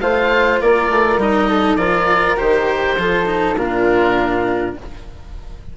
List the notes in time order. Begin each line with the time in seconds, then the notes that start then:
0.00 A3 F4 C5 F5
0.61 A#3 A#4 D5
0.89 A3
1.17 G3 D#4 D#5
1.49 A4
1.76 F3 F4 A#4 D5
2.37 D#3 G4 C5
2.97 F3 F4 A4
3.26 D#4
3.56 A#2 D4 F4 A#4